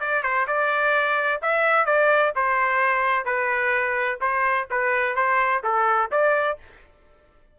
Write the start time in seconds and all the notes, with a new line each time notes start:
0.00 D5
0.23 C5
0.47 D5
1.42 E5
1.86 D5
2.36 C5
3.25 B4
4.21 C5
4.70 B4
5.16 C5
5.64 A4
6.11 D5